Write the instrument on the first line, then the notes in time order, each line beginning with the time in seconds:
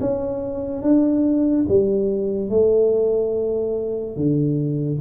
tuba
0.00 C#4
0.82 D4
1.68 G3
2.50 A3
4.16 D3